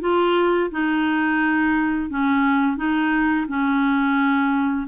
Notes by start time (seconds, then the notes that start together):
0.00 F4
0.71 D#4
2.10 C#4
2.76 D#4
3.48 C#4